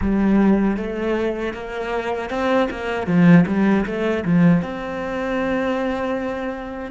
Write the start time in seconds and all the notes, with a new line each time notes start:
0.01 G3
0.77 A3
1.53 A#3
2.30 C4
2.70 A#3
3.06 F3
3.46 G3
3.85 A3
4.25 F3
4.62 C4